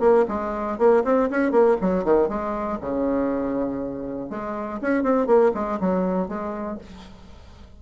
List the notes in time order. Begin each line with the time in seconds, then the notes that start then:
0.00 A#3
0.28 G#3
0.78 A#3
1.05 C4
1.30 C#4
1.51 A#3
1.81 F#3
2.05 D#3
2.29 G#3
2.81 C#3
4.30 G#3
4.82 C#4
5.03 C4
5.27 A#3
5.54 G#3
5.80 F#3
6.28 G#3